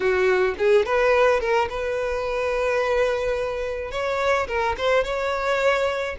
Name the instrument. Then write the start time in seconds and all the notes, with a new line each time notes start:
violin
0.00 F#4
0.58 G#4
0.85 B4
1.40 A#4
1.69 B4
3.91 C#5
4.47 A#4
4.77 C5
5.03 C#5